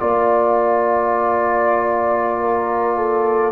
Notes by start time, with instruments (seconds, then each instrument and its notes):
0.00 tuba A#3, trombone F4, trumpet D5, horn D5
2.41 horn A#4
2.97 horn A4